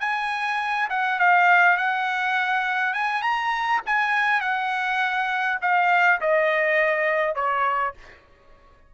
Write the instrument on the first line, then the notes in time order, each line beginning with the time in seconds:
trumpet
0.00 G#5
0.90 F#5
1.19 F5
1.77 F#5
2.94 G#5
3.22 A#5
3.86 G#5
4.41 F#5
5.61 F5
6.21 D#5
7.35 C#5